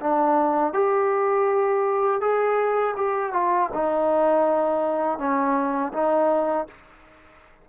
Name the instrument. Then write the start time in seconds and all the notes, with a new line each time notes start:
trombone
0.00 D4
0.73 G4
2.21 G#4
2.96 G4
3.33 F4
3.73 D#4
5.19 C#4
5.93 D#4